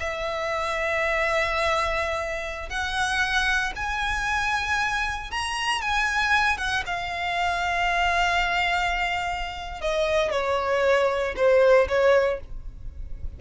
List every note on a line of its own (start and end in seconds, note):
0.00 2.70 E5
2.70 3.73 F#5
3.76 5.31 G#5
5.31 5.82 A#5
5.82 6.58 G#5
6.58 6.84 F#5
6.86 9.81 F5
9.81 10.31 D#5
10.31 11.35 C#5
11.37 11.88 C5
11.88 12.40 C#5